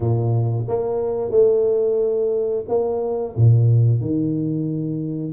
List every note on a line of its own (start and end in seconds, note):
0.00 0.65 A#2
0.68 1.31 A#3
1.31 2.64 A3
2.68 3.35 A#3
3.36 4.00 A#2
4.00 5.32 D#3